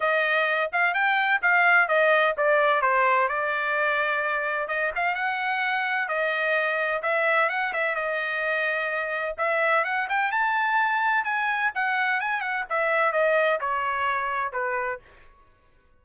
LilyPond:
\new Staff \with { instrumentName = "trumpet" } { \time 4/4 \tempo 4 = 128 dis''4. f''8 g''4 f''4 | dis''4 d''4 c''4 d''4~ | d''2 dis''8 f''8 fis''4~ | fis''4 dis''2 e''4 |
fis''8 e''8 dis''2. | e''4 fis''8 g''8 a''2 | gis''4 fis''4 gis''8 fis''8 e''4 | dis''4 cis''2 b'4 | }